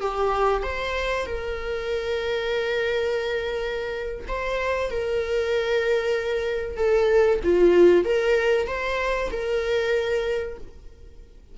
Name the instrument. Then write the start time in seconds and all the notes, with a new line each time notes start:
viola
0.00 G4
0.62 C5
1.25 A#4
4.28 C5
4.90 A#4
6.76 A4
7.43 F4
8.04 A#4
8.67 C5
9.31 A#4